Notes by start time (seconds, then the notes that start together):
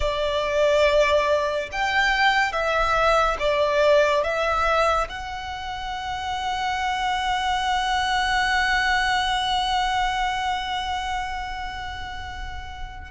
0.00 D5
1.71 G5
2.52 E5
3.39 D5
4.23 E5
5.09 F#5